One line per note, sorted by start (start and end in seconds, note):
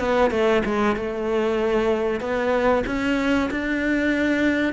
0.00 0.31 B3
0.31 0.63 A3
0.65 0.96 G#3
0.96 2.21 A3
2.21 2.84 B3
2.87 3.50 C#4
3.51 4.74 D4